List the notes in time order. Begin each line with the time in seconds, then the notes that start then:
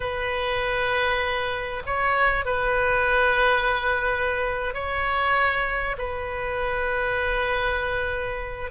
0.00 B4
1.85 C#5
2.45 B4
4.74 C#5
5.98 B4